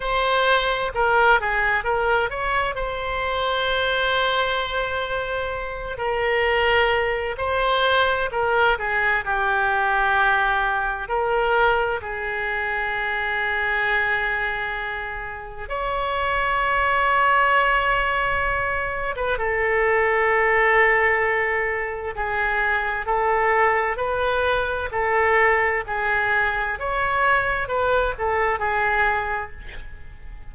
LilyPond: \new Staff \with { instrumentName = "oboe" } { \time 4/4 \tempo 4 = 65 c''4 ais'8 gis'8 ais'8 cis''8 c''4~ | c''2~ c''8 ais'4. | c''4 ais'8 gis'8 g'2 | ais'4 gis'2.~ |
gis'4 cis''2.~ | cis''8. b'16 a'2. | gis'4 a'4 b'4 a'4 | gis'4 cis''4 b'8 a'8 gis'4 | }